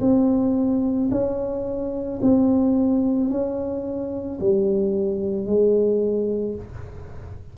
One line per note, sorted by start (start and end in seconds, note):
0.00 1.09 C4
1.11 2.20 C#4
2.22 3.30 C4
3.30 4.39 C#4
4.40 5.46 G3
5.46 6.55 G#3